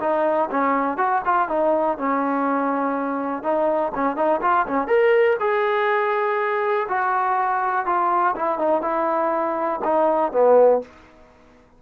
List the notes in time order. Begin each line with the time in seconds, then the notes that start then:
0.00 D#4
0.50 C#4
0.97 F#4
1.25 F4
1.48 D#4
1.98 C#4
3.43 D#4
3.95 C#4
4.16 D#4
4.42 F4
4.67 C#4
4.87 A#4
5.40 G#4
6.89 F#4
7.86 F4
8.36 E4
8.58 D#4
8.82 E4
9.84 D#4
10.32 B3